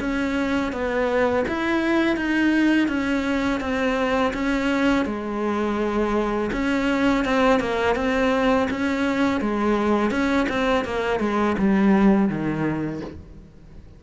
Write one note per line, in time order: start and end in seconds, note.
0.00 0.72 C#4
0.72 1.45 B3
1.48 2.17 E4
2.17 2.88 D#4
2.88 3.60 C#4
3.60 4.32 C4
4.33 5.06 C#4
5.06 6.50 G#3
6.52 7.25 C#4
7.25 7.60 C4
7.60 7.96 A#3
7.96 8.68 C4
8.70 9.40 C#4
9.40 10.10 G#3
10.10 10.47 C#4
10.49 10.85 C4
10.85 11.19 A#3
11.19 11.56 G#3
11.58 12.29 G3
12.29 13.01 D#3